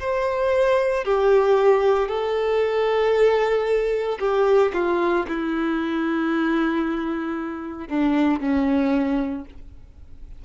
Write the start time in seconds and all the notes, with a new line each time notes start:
0.00 C5
1.05 G4
2.08 A4
4.20 G4
4.74 F4
5.28 E4
7.89 D4
8.40 C#4